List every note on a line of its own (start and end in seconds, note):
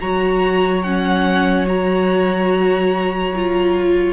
0.00 4.13 F#3
0.00 0.85 F#4
0.00 4.13 C#5
0.00 0.83 A#5
0.83 1.66 C#4
0.83 1.66 F#5
1.66 3.33 F#4
1.66 4.13 A#5
3.36 4.13 F4